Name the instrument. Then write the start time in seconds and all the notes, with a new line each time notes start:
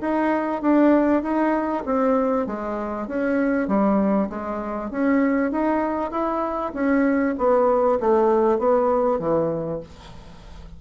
bassoon
0.00 D#4
0.61 D4
1.22 D#4
1.85 C4
2.46 G#3
3.07 C#4
3.67 G3
4.29 G#3
4.90 C#4
5.51 D#4
6.11 E4
6.73 C#4
7.37 B3
8.00 A3
8.58 B3
9.19 E3